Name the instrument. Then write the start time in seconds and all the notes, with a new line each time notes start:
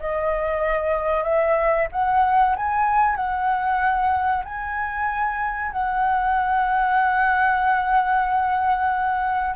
flute
0.00 D#5
1.24 E5
1.92 F#5
2.57 G#5
3.17 F#5
4.45 G#5
5.72 F#5